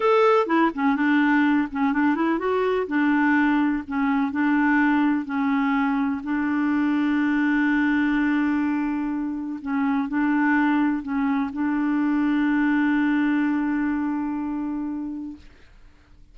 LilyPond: \new Staff \with { instrumentName = "clarinet" } { \time 4/4 \tempo 4 = 125 a'4 e'8 cis'8 d'4. cis'8 | d'8 e'8 fis'4 d'2 | cis'4 d'2 cis'4~ | cis'4 d'2.~ |
d'1 | cis'4 d'2 cis'4 | d'1~ | d'1 | }